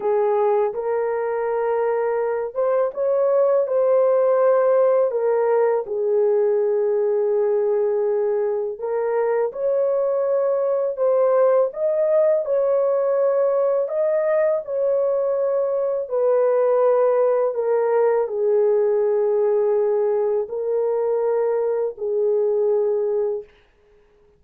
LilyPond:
\new Staff \with { instrumentName = "horn" } { \time 4/4 \tempo 4 = 82 gis'4 ais'2~ ais'8 c''8 | cis''4 c''2 ais'4 | gis'1 | ais'4 cis''2 c''4 |
dis''4 cis''2 dis''4 | cis''2 b'2 | ais'4 gis'2. | ais'2 gis'2 | }